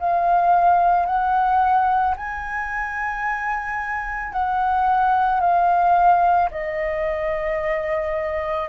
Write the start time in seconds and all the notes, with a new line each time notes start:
0.00 F5
1.06 F#5
2.17 G#5
4.33 F#5
5.40 F5
6.51 D#5